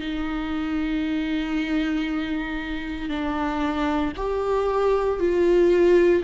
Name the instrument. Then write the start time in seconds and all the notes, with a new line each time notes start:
viola
0.00 D#4
3.09 D4
4.17 G4
5.20 F4